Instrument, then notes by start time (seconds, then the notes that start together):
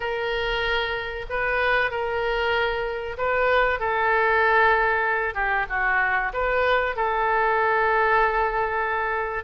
oboe
0.00 A#4
1.29 B4
1.90 A#4
3.17 B4
3.79 A4
5.34 G4
5.69 F#4
6.33 B4
6.96 A4